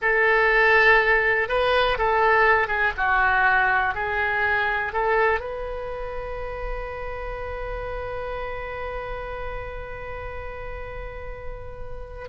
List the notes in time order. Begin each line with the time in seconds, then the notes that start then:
0.01 A4
1.48 B4
1.98 A4
2.67 G#4
2.97 F#4
3.94 G#4
4.92 A4
5.40 B4